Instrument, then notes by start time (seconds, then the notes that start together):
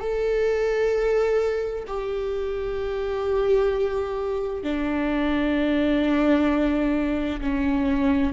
viola
0.00 A4
1.87 G4
4.64 D4
7.41 C#4